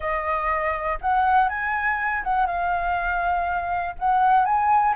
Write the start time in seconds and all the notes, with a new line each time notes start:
0.00 D#5
1.01 F#5
1.49 G#5
2.23 F#5
2.46 F5
3.98 F#5
4.45 G#5